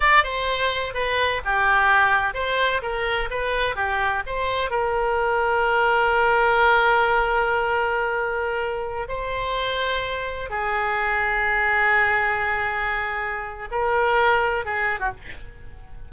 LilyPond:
\new Staff \with { instrumentName = "oboe" } { \time 4/4 \tempo 4 = 127 d''8 c''4. b'4 g'4~ | g'4 c''4 ais'4 b'4 | g'4 c''4 ais'2~ | ais'1~ |
ais'2.~ ais'16 c''8.~ | c''2~ c''16 gis'4.~ gis'16~ | gis'1~ | gis'4 ais'2 gis'8. fis'16 | }